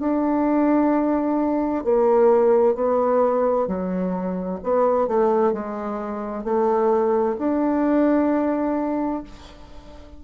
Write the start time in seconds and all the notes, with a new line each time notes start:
0.00 D4
1.85 A#3
2.75 B3
3.68 F#3
4.64 B3
5.08 A3
5.53 G#3
6.44 A3
7.39 D4